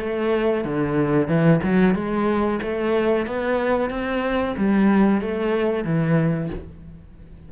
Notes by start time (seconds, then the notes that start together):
0.00 A3
0.65 D3
1.28 E3
1.64 F#3
1.95 G#3
2.62 A3
3.27 B3
3.90 C4
4.58 G3
5.22 A3
5.85 E3